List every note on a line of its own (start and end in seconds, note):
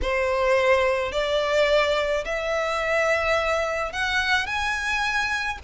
0.02 1.12 C5
1.12 2.24 D5
2.25 3.92 E5
3.92 4.46 F#5
4.46 5.58 G#5